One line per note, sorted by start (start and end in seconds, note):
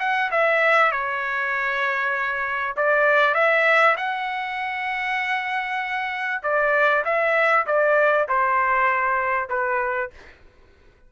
0.00 0.31 F#5
0.31 0.92 E5
0.92 2.76 C#5
2.77 3.35 D5
3.35 3.96 E5
3.97 6.42 F#5
6.43 7.04 D5
7.05 7.66 E5
7.67 8.28 D5
8.28 9.50 C5
9.50 10.11 B4